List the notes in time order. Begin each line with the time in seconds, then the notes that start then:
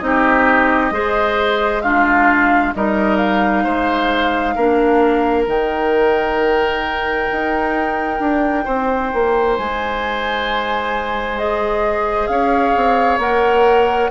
0.00 C4 D#4 G4 D#5
0.91 G#3 G#4 C5
1.82 D4 F4 F5
2.74 G3 D#4 A#4 D#5
3.16 F5
3.64 G#3 C5
4.55 A#3 D4 A#4
5.47 D#3 D#4 G5
7.32 D#4
8.20 D4
8.65 C4 C5
9.13 A#3
9.57 G#3 G#5
11.38 G#4 D#5
12.27 C#4 C#5 F5
12.76 C4
13.18 A#3 A#4 F#5